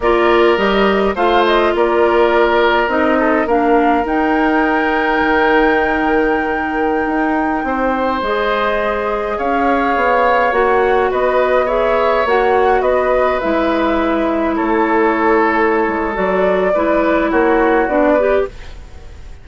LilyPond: <<
  \new Staff \with { instrumentName = "flute" } { \time 4/4 \tempo 4 = 104 d''4 dis''4 f''8 dis''8 d''4~ | d''4 dis''4 f''4 g''4~ | g''1~ | g''2~ g''16 dis''4.~ dis''16~ |
dis''16 f''2 fis''4 dis''8.~ | dis''16 e''4 fis''4 dis''4 e''8.~ | e''4~ e''16 cis''2~ cis''8. | d''2 cis''4 d''4 | }
  \new Staff \with { instrumentName = "oboe" } { \time 4/4 ais'2 c''4 ais'4~ | ais'4. a'8 ais'2~ | ais'1~ | ais'4~ ais'16 c''2~ c''8.~ |
c''16 cis''2. b'8.~ | b'16 cis''2 b'4.~ b'16~ | b'4~ b'16 a'2~ a'8.~ | a'4 b'4 fis'4. b'8 | }
  \new Staff \with { instrumentName = "clarinet" } { \time 4/4 f'4 g'4 f'2~ | f'4 dis'4 d'4 dis'4~ | dis'1~ | dis'2~ dis'16 gis'4.~ gis'16~ |
gis'2~ gis'16 fis'4.~ fis'16~ | fis'16 gis'4 fis'2 e'8.~ | e'1 | fis'4 e'2 d'8 g'8 | }
  \new Staff \with { instrumentName = "bassoon" } { \time 4/4 ais4 g4 a4 ais4~ | ais4 c'4 ais4 dis'4~ | dis'4 dis2.~ | dis16 dis'4 c'4 gis4.~ gis16~ |
gis16 cis'4 b4 ais4 b8.~ | b4~ b16 ais4 b4 gis8.~ | gis4~ gis16 a2~ a16 gis8 | fis4 gis4 ais4 b4 | }
>>